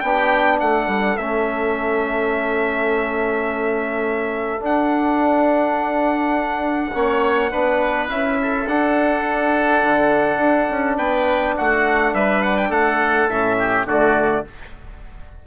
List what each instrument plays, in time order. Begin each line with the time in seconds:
0.00 bassoon B3, trombone D4, oboe G4, trumpet G5
0.60 bassoon A3, oboe A4, trumpet F#5
0.87 bassoon G3
1.17 bassoon A3, trombone C#4, trumpet E5
4.59 trombone D4, bassoon D4, trumpet F#5
6.94 bassoon A#3, trombone C#4, oboe C#5
7.51 bassoon B3, trombone D4, oboe B4
8.08 bassoon C#4, trombone E4, trumpet E5
8.42 oboe A4
8.66 bassoon D4, trombone D4, trumpet F#5
9.82 bassoon D3
10.37 bassoon D4
10.70 bassoon C#4
10.97 bassoon B3, oboe B4, trumpet G5
11.56 bassoon A3, oboe F#4, trumpet F#5
12.13 bassoon G3, oboe B4, trumpet E5
12.42 trumpet F#5
12.57 trumpet G5
12.69 bassoon A3, oboe A4, trumpet F#5
13.28 bassoon A2, trombone C#4, trumpet E5
13.59 oboe G4
13.85 bassoon D3, trombone A3, oboe F#4, trumpet D5